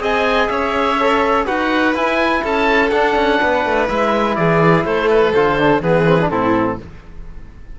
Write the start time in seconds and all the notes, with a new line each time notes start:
0.00 C4 G#4 D#5 G#5
0.48 C#4 C#5 E5
0.99 A4
1.45 D#4 F#4 B4 F#5
1.94 E4 G#5
2.43 C#4 A4 A5
2.90 D4 F#5
3.16 C#4
3.40 B3 B4
3.65 A3
3.88 G#3 E4 E5
4.35 E3 G#4 D5
4.84 A3 A4 C5
5.10 B4
5.33 D3 F4 C5
5.59 D4
5.81 E3 B3 G#4 B4
6.07 C4
6.21 D4
6.30 A2 C4 E4 A4